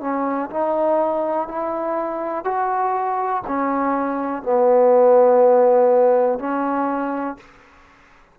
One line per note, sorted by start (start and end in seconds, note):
0.00 0.49 C#4
0.50 1.48 D#4
1.48 2.44 E4
2.44 3.42 F#4
3.47 4.43 C#4
4.43 6.39 B3
6.39 7.37 C#4